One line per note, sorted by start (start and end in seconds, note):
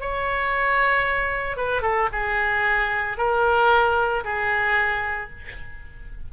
0.00 1.56 C#5
1.56 1.82 B4
1.82 2.08 A4
2.12 3.17 G#4
3.17 4.24 A#4
4.24 5.30 G#4